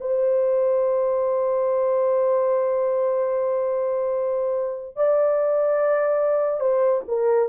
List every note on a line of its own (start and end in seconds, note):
0.00 4.96 C5
4.96 6.60 D5
6.60 7.02 C5
7.08 7.48 A#4